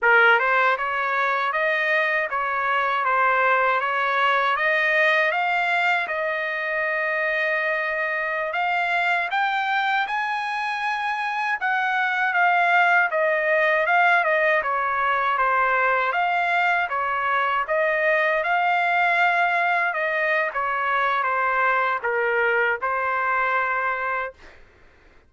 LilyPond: \new Staff \with { instrumentName = "trumpet" } { \time 4/4 \tempo 4 = 79 ais'8 c''8 cis''4 dis''4 cis''4 | c''4 cis''4 dis''4 f''4 | dis''2.~ dis''16 f''8.~ | f''16 g''4 gis''2 fis''8.~ |
fis''16 f''4 dis''4 f''8 dis''8 cis''8.~ | cis''16 c''4 f''4 cis''4 dis''8.~ | dis''16 f''2 dis''8. cis''4 | c''4 ais'4 c''2 | }